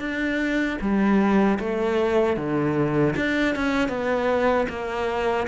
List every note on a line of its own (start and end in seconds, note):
0.00 0.78 D4
0.81 1.59 G3
1.59 2.37 A3
2.37 3.15 D3
3.16 3.55 D4
3.56 3.89 C#4
3.89 4.66 B3
4.69 5.47 A#3